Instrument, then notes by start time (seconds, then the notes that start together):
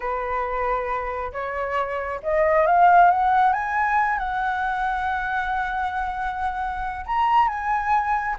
flute
0.00 B4
1.32 C#5
2.22 D#5
2.66 F5
3.10 F#5
3.52 G#5
4.18 F#5
7.06 A#5
7.48 G#5